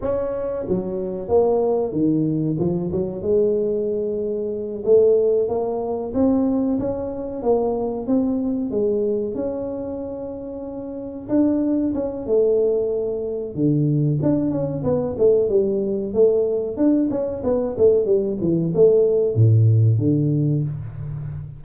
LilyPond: \new Staff \with { instrumentName = "tuba" } { \time 4/4 \tempo 4 = 93 cis'4 fis4 ais4 dis4 | f8 fis8 gis2~ gis8 a8~ | a8 ais4 c'4 cis'4 ais8~ | ais8 c'4 gis4 cis'4.~ |
cis'4. d'4 cis'8 a4~ | a4 d4 d'8 cis'8 b8 a8 | g4 a4 d'8 cis'8 b8 a8 | g8 e8 a4 a,4 d4 | }